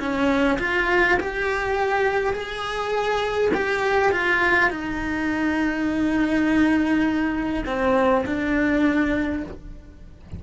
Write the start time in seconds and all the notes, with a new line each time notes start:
0.00 C#4
0.59 F4
1.20 G4
2.33 G#4
3.54 G4
4.12 F4
4.70 D#4
7.66 C4
8.26 D4